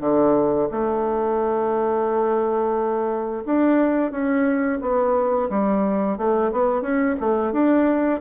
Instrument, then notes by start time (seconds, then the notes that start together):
bassoon
0.00 D3
0.71 A3
3.45 D4
4.11 C#4
4.81 B3
5.49 G3
6.17 A3
6.52 B3
6.81 C#4
7.20 A3
7.52 D4